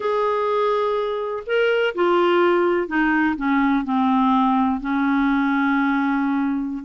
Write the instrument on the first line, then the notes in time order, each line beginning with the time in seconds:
clarinet
0.00 G#4
1.46 A#4
1.94 F4
2.87 D#4
3.36 C#4
3.84 C4
4.80 C#4